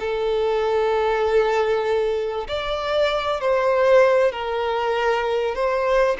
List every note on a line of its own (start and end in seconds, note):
0.00 2.47 A4
2.48 3.40 D5
3.40 4.32 C5
4.32 5.55 A#4
5.55 6.17 C5